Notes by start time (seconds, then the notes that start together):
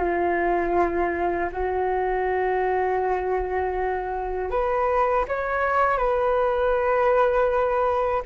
0.00 F4
1.52 F#4
4.51 B4
5.28 C#5
5.98 B4